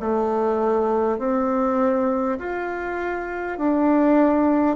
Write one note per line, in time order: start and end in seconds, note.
0.00 1.18 A3
1.18 2.38 C4
2.39 3.58 F4
3.58 4.76 D4